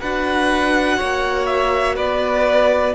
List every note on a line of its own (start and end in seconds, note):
0.00 1.00 D4
0.00 2.95 F#4
0.00 0.97 B4
0.00 1.46 F#5
0.97 1.98 A#3
0.97 1.96 C#5
1.46 1.95 E5
1.96 2.95 B3
1.96 2.94 B4
1.96 2.95 D5